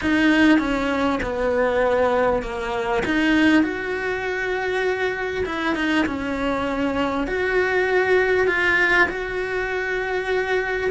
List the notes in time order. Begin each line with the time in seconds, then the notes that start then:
0.01 D#4
0.58 C#4
1.22 B3
2.42 A#3
3.05 D#4
3.62 F#4
5.45 E4
5.75 D#4
6.06 C#4
7.27 F#4
8.47 F4
9.09 F#4